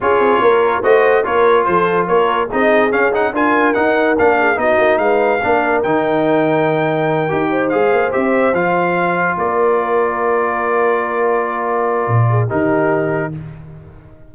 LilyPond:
<<
  \new Staff \with { instrumentName = "trumpet" } { \time 4/4 \tempo 4 = 144 cis''2 dis''4 cis''4 | c''4 cis''4 dis''4 f''8 fis''8 | gis''4 fis''4 f''4 dis''4 | f''2 g''2~ |
g''2~ g''8 f''4 e''8~ | e''8 f''2 d''4.~ | d''1~ | d''2 ais'2 | }
  \new Staff \with { instrumentName = "horn" } { \time 4/4 gis'4 ais'4 c''4 ais'4 | a'4 ais'4 gis'2 | ais'2~ ais'8 gis'8 fis'4 | b'4 ais'2.~ |
ais'2 c''2~ | c''2~ c''8 ais'4.~ | ais'1~ | ais'4. gis'8 g'2 | }
  \new Staff \with { instrumentName = "trombone" } { \time 4/4 f'2 fis'4 f'4~ | f'2 dis'4 cis'8 dis'8 | f'4 dis'4 d'4 dis'4~ | dis'4 d'4 dis'2~ |
dis'4. g'4 gis'4 g'8~ | g'8 f'2.~ f'8~ | f'1~ | f'2 dis'2 | }
  \new Staff \with { instrumentName = "tuba" } { \time 4/4 cis'8 c'8 ais4 a4 ais4 | f4 ais4 c'4 cis'4 | d'4 dis'4 ais4 b8 ais8 | gis4 ais4 dis2~ |
dis4. dis'4 gis8 ais8 c'8~ | c'8 f2 ais4.~ | ais1~ | ais4 ais,4 dis2 | }
>>